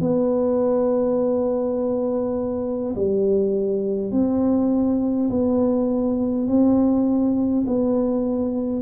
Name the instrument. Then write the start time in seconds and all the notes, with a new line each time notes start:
tuba
0.00 B3
2.95 G3
4.11 C4
5.29 B3
6.47 C4
7.66 B3